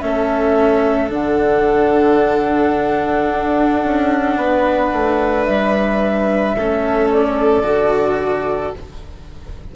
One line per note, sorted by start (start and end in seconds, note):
0.00 1.11 A3
0.00 1.10 C#4
0.00 4.38 A4
0.00 1.09 E5
1.10 3.29 D3
1.10 6.56 D4
1.10 5.45 F#5
3.30 3.84 D4
3.84 4.37 C#4
4.37 4.91 B3
4.37 6.56 B4
4.93 5.47 A3
5.45 6.56 G3
5.45 7.09 E5
6.56 7.63 A3
6.56 7.63 C#4
6.56 8.76 A4
7.12 8.75 D5
7.63 8.72 D3
7.63 8.72 F#4